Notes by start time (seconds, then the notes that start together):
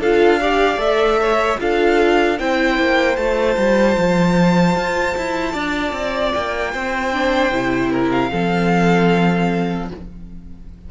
0.00 D4 F4 A4 F5
0.41 G4 D5
0.77 A3 A4 E5
1.21 C#5
1.59 D4 F4 A4 F5
2.39 C4 E4 C5 G5
2.79 A#3
3.16 A3 F4 A5
3.57 G3
3.98 F3
4.76 F4
5.17 E4
5.53 D4 D5
5.93 C4
6.34 A#3 G5
6.73 C4 C5
7.13 D4
7.51 C3 E4
7.91 A#4
8.11 F5
8.32 F3 C4 A4